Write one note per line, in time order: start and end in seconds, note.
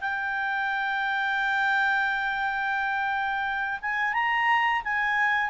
0.00 3.79 G5
3.81 4.13 G#5
4.13 4.82 A#5
4.83 5.50 G#5